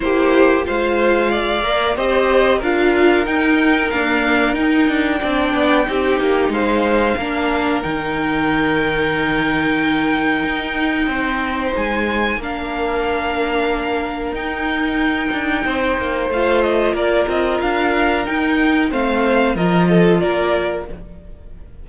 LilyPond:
<<
  \new Staff \with { instrumentName = "violin" } { \time 4/4 \tempo 4 = 92 c''4 f''2 dis''4 | f''4 g''4 f''4 g''4~ | g''2 f''2 | g''1~ |
g''2 gis''4 f''4~ | f''2 g''2~ | g''4 f''8 dis''8 d''8 dis''8 f''4 | g''4 f''4 dis''4 d''4 | }
  \new Staff \with { instrumentName = "violin" } { \time 4/4 g'4 c''4 d''4 c''4 | ais'1 | d''4 g'4 c''4 ais'4~ | ais'1~ |
ais'4 c''2 ais'4~ | ais'1 | c''2 ais'2~ | ais'4 c''4 ais'8 a'8 ais'4 | }
  \new Staff \with { instrumentName = "viola" } { \time 4/4 e'4 f'4. ais'8 g'4 | f'4 dis'4 ais4 dis'4 | d'4 dis'2 d'4 | dis'1~ |
dis'2. d'4~ | d'2 dis'2~ | dis'4 f'2. | dis'4 c'4 f'2 | }
  \new Staff \with { instrumentName = "cello" } { \time 4/4 ais4 gis4. ais8 c'4 | d'4 dis'4 d'4 dis'8 d'8 | c'8 b8 c'8 ais8 gis4 ais4 | dis1 |
dis'4 c'4 gis4 ais4~ | ais2 dis'4. d'8 | c'8 ais8 a4 ais8 c'8 d'4 | dis'4 a4 f4 ais4 | }
>>